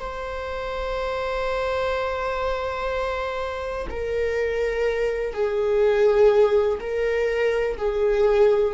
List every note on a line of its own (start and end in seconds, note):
0.00 3.87 C5
3.90 5.34 A#4
5.34 6.79 G#4
6.80 7.77 A#4
7.78 8.74 G#4